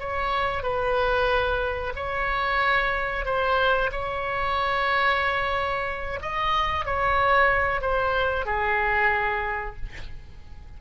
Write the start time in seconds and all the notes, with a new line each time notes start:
0.00 C#5
0.63 B4
1.96 C#5
3.25 C5
3.92 C#5
6.22 D#5
6.86 C#5
7.81 C5
8.46 G#4